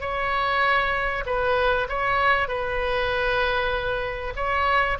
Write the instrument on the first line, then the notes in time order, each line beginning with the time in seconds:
oboe
0.00 C#5
1.26 B4
1.89 C#5
2.48 B4
4.36 C#5